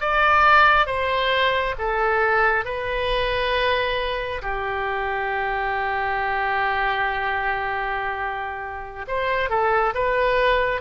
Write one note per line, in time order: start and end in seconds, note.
0.00 0.86 D5
0.86 1.74 C5
1.78 2.65 A4
2.65 4.41 B4
4.42 9.05 G4
9.07 9.49 C5
9.49 9.93 A4
9.94 10.81 B4